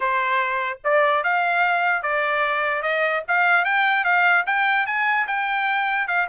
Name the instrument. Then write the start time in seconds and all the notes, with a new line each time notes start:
trumpet
0.00 C5
0.83 D5
1.23 F5
2.02 D5
2.82 D#5
3.28 F5
3.64 G5
4.04 F5
4.46 G5
4.86 G#5
5.27 G5
6.07 F5